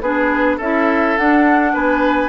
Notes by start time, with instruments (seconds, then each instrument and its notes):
0.00 bassoon B3, clarinet D4, oboe G#4, flute B4
0.57 bassoon C#4, clarinet E4, oboe A4, flute E5
1.17 bassoon D4, clarinet D4, flute F#5
1.73 bassoon B3, oboe B4, flute G#5